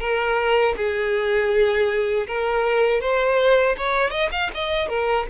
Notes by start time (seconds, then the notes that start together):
0.00 A#4
0.77 G#4
2.27 A#4
3.01 C5
3.77 C#5
4.11 D#5
4.32 F5
4.54 D#5
4.89 A#4